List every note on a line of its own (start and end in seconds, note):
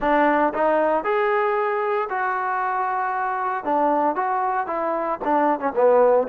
0.00 0.53 D4
0.54 1.04 D#4
1.04 2.08 G#4
2.09 3.64 F#4
3.64 4.15 D4
4.15 4.66 F#4
4.66 5.19 E4
5.24 5.59 D4
5.59 5.72 C#4
5.75 6.27 B3